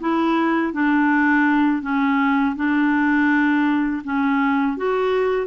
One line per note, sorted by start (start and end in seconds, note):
0.00 0.73 E4
0.73 1.82 D4
1.82 2.55 C#4
2.56 4.02 D4
4.04 4.77 C#4
4.77 5.47 F#4